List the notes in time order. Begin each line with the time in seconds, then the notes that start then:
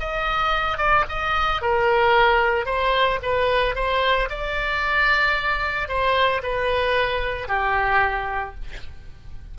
0.00 D#5
0.78 D5
1.09 D#5
1.62 A#4
2.65 C5
3.22 B4
3.75 C5
4.30 D5
5.88 C5
6.43 B4
7.48 G4